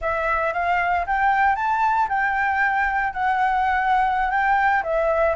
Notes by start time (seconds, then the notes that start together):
0.01 E5
0.53 F5
1.06 G5
1.55 A5
2.08 G5
3.13 F#5
4.30 G5
4.83 E5